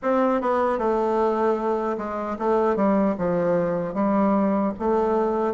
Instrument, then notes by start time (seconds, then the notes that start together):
bassoon
0.02 C4
0.41 B3
0.78 A3
1.97 G#3
2.39 A3
2.76 G3
3.18 F3
3.94 G3
4.79 A3